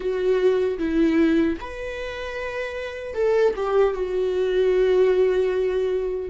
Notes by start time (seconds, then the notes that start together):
0.00 F#4
0.78 E4
1.60 B4
3.14 A4
3.55 G4
3.93 F#4